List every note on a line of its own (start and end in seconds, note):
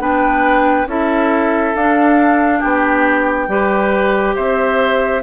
0.00 0.86 B3
0.00 0.87 D4
0.00 0.88 B4
0.00 0.89 G5
0.86 1.73 C#4
0.86 1.75 E4
0.86 2.60 A4
0.86 1.76 E5
1.76 2.62 D4
1.76 3.49 D4
1.76 2.63 F5
2.60 3.48 B3
2.60 3.47 G4
2.60 4.37 G5
3.48 4.35 G3
3.48 5.22 G4
3.48 4.36 B4
4.36 5.24 C4
4.36 5.23 C5
4.36 5.24 E5